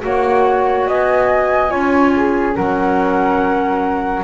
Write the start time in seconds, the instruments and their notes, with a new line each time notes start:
0.00 double bass A#3, clarinet F#4, flute C#5 F#5
0.87 double bass B3, flute D#5 G#5
1.69 double bass C#4, clarinet F4, flute C#5
2.16 flute G#4
2.56 double bass F#3, clarinet C#4, flute A#4 F#5